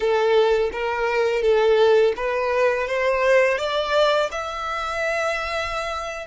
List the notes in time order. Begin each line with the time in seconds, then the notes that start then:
0.00 A4
0.72 A#4
1.42 A4
2.16 B4
2.87 C5
3.57 D5
4.31 E5